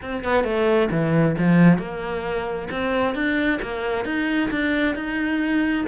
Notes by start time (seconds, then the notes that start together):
0.01 C4
0.23 B3
0.43 A3
0.90 E3
1.38 F3
1.78 A#3
2.70 C4
3.14 D4
3.62 A#3
4.04 D#4
4.50 D4
4.95 D#4